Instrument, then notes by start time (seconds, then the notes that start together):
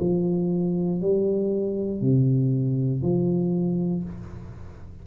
tuba
0.00 F3
1.01 G3
2.02 C3
3.02 F3